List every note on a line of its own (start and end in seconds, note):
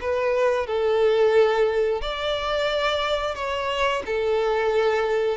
0.00 0.66 B4
0.66 2.01 A4
2.01 3.35 D5
3.35 4.02 C#5
4.05 5.37 A4